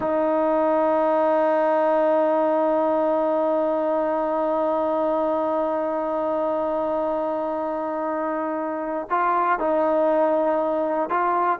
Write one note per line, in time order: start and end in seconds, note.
0.00 9.07 D#4
9.10 9.59 F4
9.59 11.09 D#4
11.09 11.59 F4